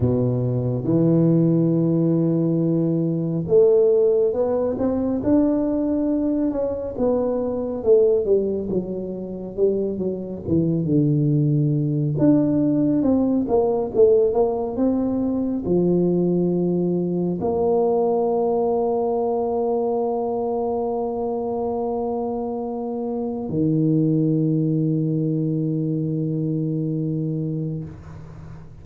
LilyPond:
\new Staff \with { instrumentName = "tuba" } { \time 4/4 \tempo 4 = 69 b,4 e2. | a4 b8 c'8 d'4. cis'8 | b4 a8 g8 fis4 g8 fis8 | e8 d4. d'4 c'8 ais8 |
a8 ais8 c'4 f2 | ais1~ | ais2. dis4~ | dis1 | }